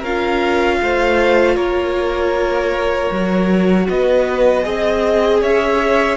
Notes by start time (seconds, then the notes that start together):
0.00 C#4 F4 A#4 F5
0.81 A3 C5
1.56 A#3 A#4 C#5
3.11 F#3 F#4
3.89 B3 B4 D#5
4.63 C4 G#4 D#5
5.42 C#4 C#5 E5